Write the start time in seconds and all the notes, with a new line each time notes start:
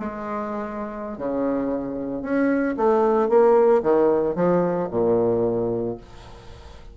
0.00 G#3
1.18 C#3
2.23 C#4
2.77 A3
3.29 A#3
3.83 D#3
4.36 F3
4.91 A#2